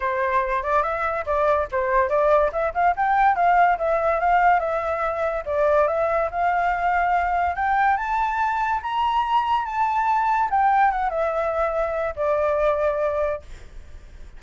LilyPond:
\new Staff \with { instrumentName = "flute" } { \time 4/4 \tempo 4 = 143 c''4. d''8 e''4 d''4 | c''4 d''4 e''8 f''8 g''4 | f''4 e''4 f''4 e''4~ | e''4 d''4 e''4 f''4~ |
f''2 g''4 a''4~ | a''4 ais''2 a''4~ | a''4 g''4 fis''8 e''4.~ | e''4 d''2. | }